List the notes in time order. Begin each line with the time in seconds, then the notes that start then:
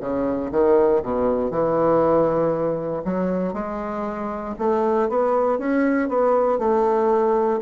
0.00 C#3
0.51 D#3
1.02 B2
1.50 E3
3.05 F#3
3.53 G#3
4.59 A3
5.09 B3
5.59 C#4
6.08 B3
6.58 A3